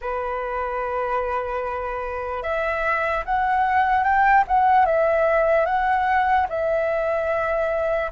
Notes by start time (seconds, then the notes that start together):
0.01 B4
2.43 E5
3.25 F#5
4.03 G5
4.47 F#5
4.85 E5
5.65 F#5
6.49 E5